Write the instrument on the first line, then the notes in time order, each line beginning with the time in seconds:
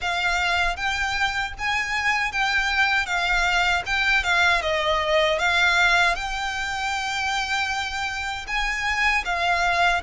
violin
0.01 F5
0.76 G5
1.58 G#5
2.32 G5
3.06 F5
3.86 G5
4.23 F5
4.62 D#5
5.38 F5
6.15 G5
8.47 G#5
9.24 F5